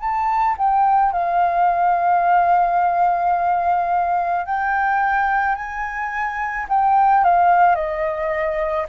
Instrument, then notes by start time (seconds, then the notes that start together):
flute
0.00 A5
0.58 G5
1.12 F5
4.45 G5
5.55 G#5
6.69 G5
7.24 F5
7.75 D#5